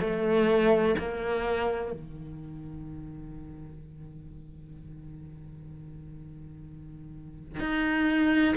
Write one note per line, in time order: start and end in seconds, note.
0.00 0.95 A3
0.98 1.92 A#3
1.92 7.59 D#3
7.59 8.55 D#4